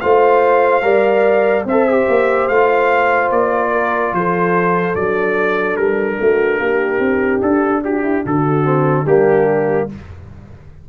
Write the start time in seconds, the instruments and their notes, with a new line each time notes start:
0.00 tuba A3, trombone F4, horn C5, trumpet F5
0.82 tuba G3, trombone A#4, horn D5
1.65 tuba C4, horn C5, trumpet E5
1.71 trombone A4
1.89 trombone G4
2.08 tuba A#3
2.48 tuba A3, trombone F4, trumpet F5
3.30 tuba A#3, trumpet D5
3.71 horn A#4
4.12 tuba F3, horn A4, trumpet C5
4.95 tuba F#3, trombone D4, trumpet D5
5.76 tuba G3, trumpet A#4
6.20 tuba A3, horn F#4
6.59 tuba A#3, horn G4
6.99 tuba C4
7.41 tuba D4, trumpet A4
7.84 horn F#4, trumpet G4
8.03 horn E4
8.25 tuba D3, horn F#4, trumpet A4
8.64 trombone C4
9.06 tuba G3, trombone A#3, horn D4, trumpet G4